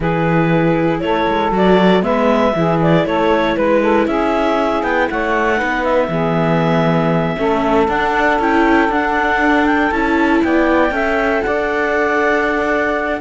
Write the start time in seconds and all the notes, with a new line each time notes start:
0.00 E3 E4 G#4 B4
1.00 A3 A4 C#5
1.27 G#3
1.51 F#3 F#4 D5
2.02 G#3 B3 B4 E5
2.54 E3 E4 G#4
2.82 D5
3.05 A3 A4 C#5
3.56 G#3 B4
3.81 A4
4.06 C#4 G#4 E5
4.82 B3 G5
5.09 A3 C#5 F#5
5.56 B3 D#4 B4
5.84 E5
6.08 E3 B3 G#4
7.37 A3 C#4 A4
7.88 D4 F#5
8.38 C#4 E4 G5
8.88 D4 F#5
9.66 G5
9.91 C#4 E4 A5
10.43 B3 D5 G5
10.90 C#4 A4 E5
11.42 D4 D5 F#5